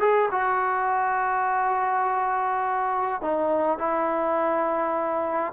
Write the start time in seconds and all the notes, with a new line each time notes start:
0.00 G#4
0.31 F#4
3.22 D#4
3.78 E4